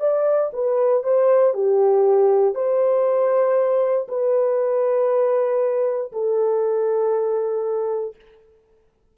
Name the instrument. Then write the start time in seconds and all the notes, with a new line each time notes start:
horn
0.00 D5
0.53 B4
1.04 C5
1.54 G4
2.55 C5
4.09 B4
6.12 A4